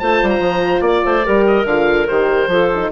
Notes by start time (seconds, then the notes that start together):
0.00 A3 F4 C5 A5
0.23 G3
0.30 A#5
0.39 F3
0.82 A#3 D5
1.05 A3 C5
1.24 G3 G4 A#4
1.47 D#5
1.65 D3 F4 F5
2.08 D#3 G4 C5
2.48 F3 F4 A4
2.75 D#4